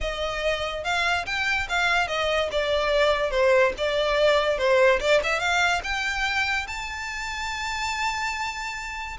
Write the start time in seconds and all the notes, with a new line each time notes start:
0.00 D#5
0.83 F5
1.26 G5
1.68 F5
2.07 D#5
2.51 D5
3.30 C5
3.77 D5
4.57 C5
5.00 D5
5.23 E5
5.39 F5
5.83 G5
6.67 A5